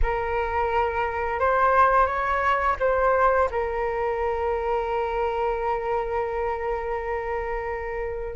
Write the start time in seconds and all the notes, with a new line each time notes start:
0.02 A#4
1.40 C5
2.06 C#5
2.79 C5
3.51 A#4